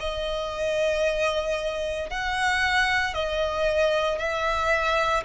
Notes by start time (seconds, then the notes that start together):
0.00 D#5
2.11 F#5
3.14 D#5
4.19 E5